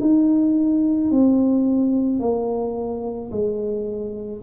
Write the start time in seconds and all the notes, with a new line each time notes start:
0.00 D#4
1.11 C4
2.19 A#3
3.31 G#3